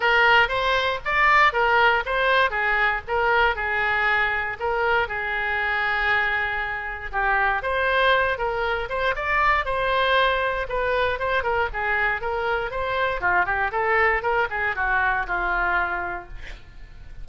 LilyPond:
\new Staff \with { instrumentName = "oboe" } { \time 4/4 \tempo 4 = 118 ais'4 c''4 d''4 ais'4 | c''4 gis'4 ais'4 gis'4~ | gis'4 ais'4 gis'2~ | gis'2 g'4 c''4~ |
c''8 ais'4 c''8 d''4 c''4~ | c''4 b'4 c''8 ais'8 gis'4 | ais'4 c''4 f'8 g'8 a'4 | ais'8 gis'8 fis'4 f'2 | }